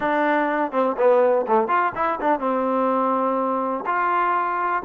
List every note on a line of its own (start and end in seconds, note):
0.00 0.71 D4
0.71 0.96 C4
0.97 1.45 B3
1.47 1.68 A3
1.68 1.92 F4
1.95 2.19 E4
2.20 2.39 D4
2.39 3.84 C4
3.86 4.83 F4